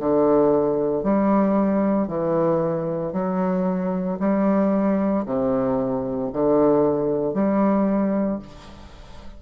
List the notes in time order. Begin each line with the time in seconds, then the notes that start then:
0.00 D3
1.04 G3
2.08 E3
3.13 F#3
4.20 G3
5.26 C3
6.33 D3
7.34 G3